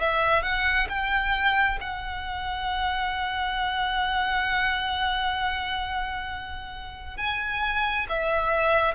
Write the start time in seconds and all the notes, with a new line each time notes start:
0.00 E5
0.43 F#5
0.90 G5
1.81 F#5
7.17 G#5
8.09 E5